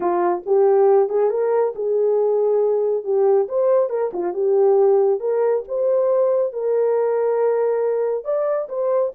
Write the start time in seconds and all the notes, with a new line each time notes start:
0.00 F4
0.46 G4
1.09 G#4
1.30 A#4
1.75 G#4
3.04 G4
3.48 C5
3.89 A#4
4.13 F4
4.33 G4
5.20 A#4
5.67 C5
6.52 A#4
8.24 D5
8.68 C5